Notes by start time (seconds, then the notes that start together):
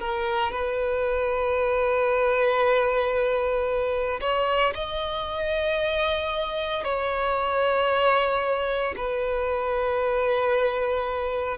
0.00 A#4
0.52 B4
4.21 C#5
4.75 D#5
6.84 C#5
8.97 B4